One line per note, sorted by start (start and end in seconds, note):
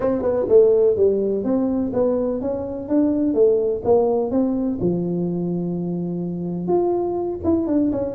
0.00 0.22 C4
0.22 0.46 B3
0.48 0.96 A3
0.96 1.44 G3
1.44 1.92 C4
1.93 2.41 B3
2.41 2.88 C#4
2.88 3.34 D4
3.34 3.82 A3
3.84 4.30 A#3
4.30 4.78 C4
4.80 6.67 F3
6.67 7.39 F4
7.44 7.67 E4
7.67 7.91 D4
7.92 8.15 C#4